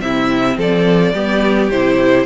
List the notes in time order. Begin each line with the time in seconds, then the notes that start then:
0.00 C3 C4 E4 E5
0.57 F3 A4 D5
1.14 G3 B3 G4
1.70 C3 E4 C5